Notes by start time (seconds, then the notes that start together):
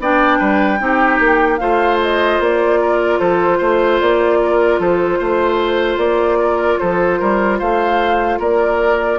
0.00 B3 D4 D5 G5
0.39 G3 B4
0.80 C4 D#4 G4
1.20 A#3
1.58 A3 F4 C5 F5
2.03 D#5
2.40 A#3 D5
2.81 A#4
3.20 F3 A4 C5
3.58 A3 C5
4.00 A#3 D5
4.43 A#4
4.79 F3 A4 C5
5.19 A3 C5
5.97 A#3 D5
6.40 A#4
6.79 F3 A4 C5
7.20 G3 A#4
7.59 A3 C5 F5
8.39 A#3 A#4 D5